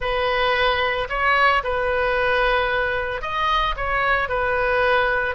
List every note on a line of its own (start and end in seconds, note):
0.00 1.08 B4
1.09 1.62 C#5
1.63 3.21 B4
3.21 3.75 D#5
3.76 4.28 C#5
4.28 5.35 B4